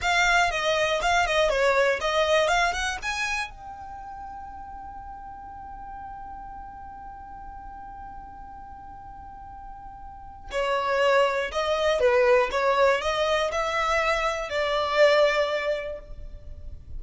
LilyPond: \new Staff \with { instrumentName = "violin" } { \time 4/4 \tempo 4 = 120 f''4 dis''4 f''8 dis''8 cis''4 | dis''4 f''8 fis''8 gis''4 g''4~ | g''1~ | g''1~ |
g''1~ | g''4 cis''2 dis''4 | b'4 cis''4 dis''4 e''4~ | e''4 d''2. | }